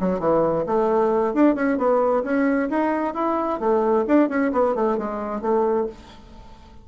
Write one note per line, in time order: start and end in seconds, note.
0.00 0.20 F#3
0.20 0.65 E3
0.66 1.34 A3
1.34 1.55 D4
1.55 1.78 C#4
1.78 2.23 B3
2.23 2.69 C#4
2.70 3.14 D#4
3.14 3.60 E4
3.60 4.05 A3
4.07 4.29 D4
4.29 4.52 C#4
4.52 4.75 B3
4.75 4.98 A3
4.98 5.41 G#3
5.41 5.87 A3